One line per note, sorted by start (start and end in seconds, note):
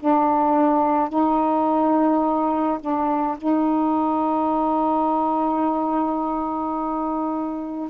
0.00 1.10 D4
1.10 2.79 D#4
2.81 3.38 D4
3.38 7.90 D#4